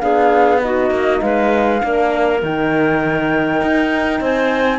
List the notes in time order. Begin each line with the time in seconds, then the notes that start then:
0.00 B3 D4 G#4 F5
0.61 D#4 F#4 D#5
0.90 A#3
1.21 G#3 B4 F5
1.81 A#3 D4 A#4
2.42 D#3 D#4 G5
3.61 D#4
4.20 C4 C5 G#5